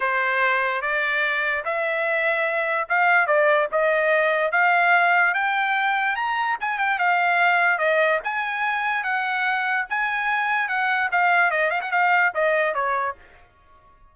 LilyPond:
\new Staff \with { instrumentName = "trumpet" } { \time 4/4 \tempo 4 = 146 c''2 d''2 | e''2. f''4 | d''4 dis''2 f''4~ | f''4 g''2 ais''4 |
gis''8 g''8 f''2 dis''4 | gis''2 fis''2 | gis''2 fis''4 f''4 | dis''8 f''16 fis''16 f''4 dis''4 cis''4 | }